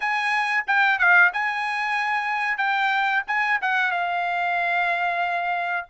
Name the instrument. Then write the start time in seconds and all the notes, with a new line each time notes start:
trumpet
0.00 G#5
0.67 G5
0.98 F5
1.33 G#5
2.57 G5
3.27 G#5
3.61 F#5
3.91 F5